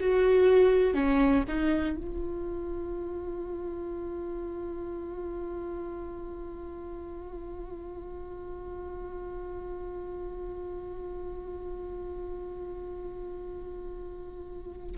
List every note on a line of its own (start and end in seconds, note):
0.00 0.94 F#4
0.94 1.44 C#4
1.48 1.97 D#4
1.97 14.97 F4